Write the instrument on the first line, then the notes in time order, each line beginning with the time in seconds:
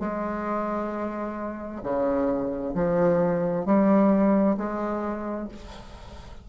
bassoon
0.00 G#3
1.84 C#3
2.75 F3
3.66 G3
4.58 G#3